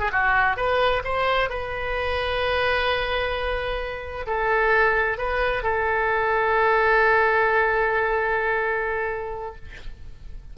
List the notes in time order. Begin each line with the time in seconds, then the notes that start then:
0.00 G#4
0.12 F#4
0.57 B4
1.05 C5
1.50 B4
4.27 A4
5.18 B4
5.63 A4